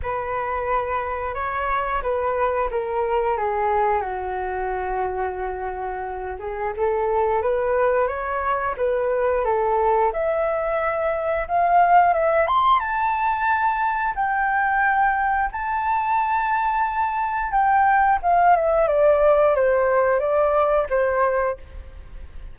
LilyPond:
\new Staff \with { instrumentName = "flute" } { \time 4/4 \tempo 4 = 89 b'2 cis''4 b'4 | ais'4 gis'4 fis'2~ | fis'4. gis'8 a'4 b'4 | cis''4 b'4 a'4 e''4~ |
e''4 f''4 e''8 c'''8 a''4~ | a''4 g''2 a''4~ | a''2 g''4 f''8 e''8 | d''4 c''4 d''4 c''4 | }